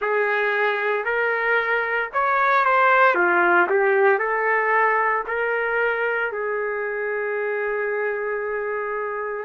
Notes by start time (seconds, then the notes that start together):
0.01 G#4
1.04 A#4
2.13 C#5
2.65 C5
3.14 F4
3.69 G4
4.18 A4
5.27 A#4
6.32 G#4